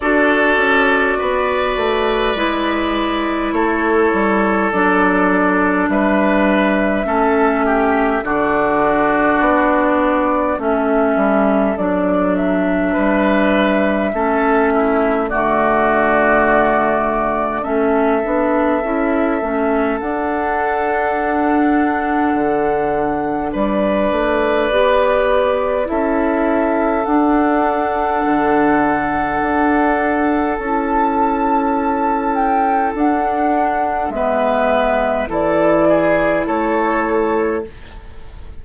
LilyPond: <<
  \new Staff \with { instrumentName = "flute" } { \time 4/4 \tempo 4 = 51 d''2. cis''4 | d''4 e''2 d''4~ | d''4 e''4 d''8 e''4.~ | e''4 d''2 e''4~ |
e''4 fis''2. | d''2 e''4 fis''4~ | fis''2 a''4. g''8 | fis''4 e''4 d''4 cis''4 | }
  \new Staff \with { instrumentName = "oboe" } { \time 4/4 a'4 b'2 a'4~ | a'4 b'4 a'8 g'8 fis'4~ | fis'4 a'2 b'4 | a'8 e'8 fis'2 a'4~ |
a'1 | b'2 a'2~ | a'1~ | a'4 b'4 a'8 gis'8 a'4 | }
  \new Staff \with { instrumentName = "clarinet" } { \time 4/4 fis'2 e'2 | d'2 cis'4 d'4~ | d'4 cis'4 d'2 | cis'4 a2 cis'8 d'8 |
e'8 cis'8 d'2.~ | d'4 g'4 e'4 d'4~ | d'2 e'2 | d'4 b4 e'2 | }
  \new Staff \with { instrumentName = "bassoon" } { \time 4/4 d'8 cis'8 b8 a8 gis4 a8 g8 | fis4 g4 a4 d4 | b4 a8 g8 fis4 g4 | a4 d2 a8 b8 |
cis'8 a8 d'2 d4 | g8 a8 b4 cis'4 d'4 | d4 d'4 cis'2 | d'4 gis4 e4 a4 | }
>>